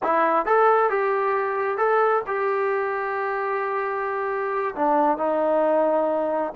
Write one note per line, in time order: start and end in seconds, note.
0.02 0.45 E4
0.45 0.90 A4
0.90 1.77 G4
1.77 2.22 A4
2.26 4.75 G4
4.75 5.17 D4
5.17 6.52 D#4